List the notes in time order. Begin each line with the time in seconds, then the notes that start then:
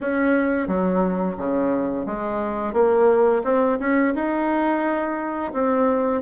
0.00 C#4
0.67 F#3
1.37 C#3
2.06 G#3
2.73 A#3
3.44 C4
3.79 C#4
4.14 D#4
5.53 C4